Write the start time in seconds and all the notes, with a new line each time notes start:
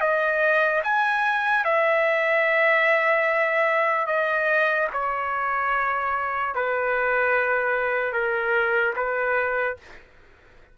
0.00 D#5
0.83 G#5
1.64 E5
4.07 D#5
4.92 C#5
6.55 B4
8.13 A#4
8.96 B4